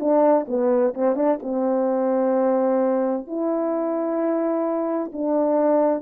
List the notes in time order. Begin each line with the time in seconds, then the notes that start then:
0.00 D4
0.48 B3
0.94 C4
1.16 D4
1.43 C4
3.27 E4
5.13 D4